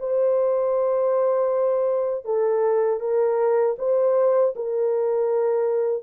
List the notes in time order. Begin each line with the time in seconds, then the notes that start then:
0.00 C5
2.25 A4
3.00 A#4
3.79 C5
4.56 A#4